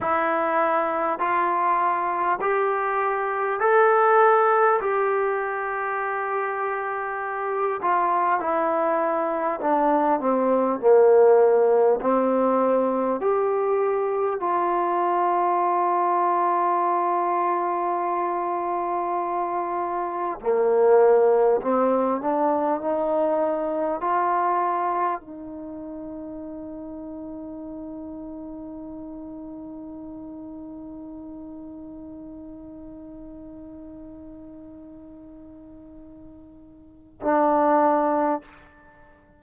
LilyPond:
\new Staff \with { instrumentName = "trombone" } { \time 4/4 \tempo 4 = 50 e'4 f'4 g'4 a'4 | g'2~ g'8 f'8 e'4 | d'8 c'8 ais4 c'4 g'4 | f'1~ |
f'4 ais4 c'8 d'8 dis'4 | f'4 dis'2.~ | dis'1~ | dis'2. d'4 | }